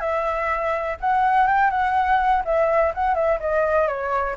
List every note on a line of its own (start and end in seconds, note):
0.00 0.97 E5
1.01 1.47 F#5
1.47 1.71 G5
1.71 2.43 F#5
2.45 2.93 E5
2.95 3.15 F#5
3.15 3.39 E5
3.40 3.88 D#5
3.88 4.36 C#5